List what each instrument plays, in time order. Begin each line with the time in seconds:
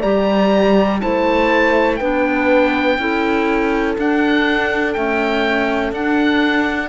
0.00 cello G3, clarinet G4, horn D5, oboe A#5
1.00 cello A3, clarinet E4, horn C5, oboe A5
1.96 cello B3, clarinet D4, horn B4, oboe G5
2.98 cello C#4, clarinet E4, horn A4
3.98 clarinet D4, cello D4, oboe F#5
4.93 clarinet A3, cello C#4, oboe G5
5.92 cello D4, clarinet D4, oboe F#5